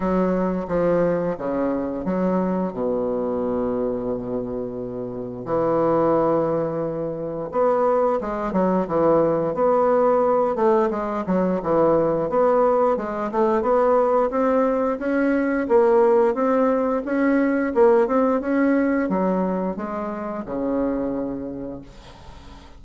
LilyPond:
\new Staff \with { instrumentName = "bassoon" } { \time 4/4 \tempo 4 = 88 fis4 f4 cis4 fis4 | b,1 | e2. b4 | gis8 fis8 e4 b4. a8 |
gis8 fis8 e4 b4 gis8 a8 | b4 c'4 cis'4 ais4 | c'4 cis'4 ais8 c'8 cis'4 | fis4 gis4 cis2 | }